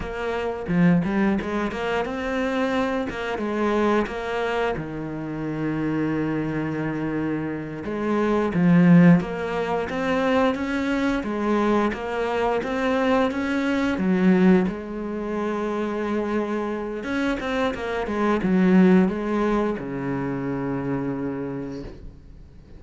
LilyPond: \new Staff \with { instrumentName = "cello" } { \time 4/4 \tempo 4 = 88 ais4 f8 g8 gis8 ais8 c'4~ | c'8 ais8 gis4 ais4 dis4~ | dis2.~ dis8 gis8~ | gis8 f4 ais4 c'4 cis'8~ |
cis'8 gis4 ais4 c'4 cis'8~ | cis'8 fis4 gis2~ gis8~ | gis4 cis'8 c'8 ais8 gis8 fis4 | gis4 cis2. | }